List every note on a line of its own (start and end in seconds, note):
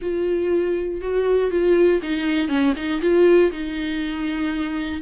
0.01 1.01 F4
1.01 1.50 F#4
1.50 2.00 F4
2.02 2.48 D#4
2.48 2.73 C#4
2.76 3.01 D#4
3.01 3.51 F4
3.51 5.01 D#4